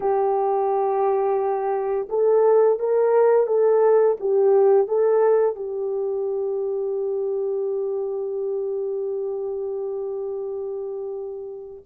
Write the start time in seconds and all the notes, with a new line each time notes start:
0.00 G4
2.09 A4
2.79 A#4
3.47 A4
4.20 G4
4.87 A4
5.55 G4